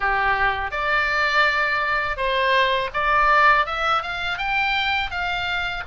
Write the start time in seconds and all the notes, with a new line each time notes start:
0.00 G4
0.71 D5
2.17 C5
2.93 D5
3.66 E5
4.02 F5
4.37 G5
5.10 F5